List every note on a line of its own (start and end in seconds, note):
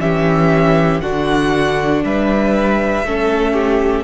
0.00 1.02 E3
0.00 1.02 C#4
0.00 1.03 G4
0.00 1.01 E5
1.01 2.04 D3
1.01 3.06 D4
1.01 2.05 F#4
1.01 2.03 F#5
2.05 3.04 G3
2.05 3.07 B4
2.05 4.04 E5
3.04 4.04 A3
3.04 4.04 C#4
3.04 3.53 A4
3.53 4.04 G4